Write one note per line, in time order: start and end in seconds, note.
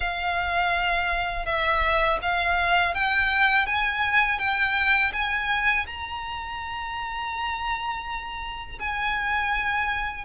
0.00 1.45 F5
1.45 2.18 E5
2.22 2.94 F5
2.94 3.66 G5
3.66 4.39 G#5
4.39 5.12 G5
5.13 5.86 G#5
5.86 8.78 A#5
8.79 10.24 G#5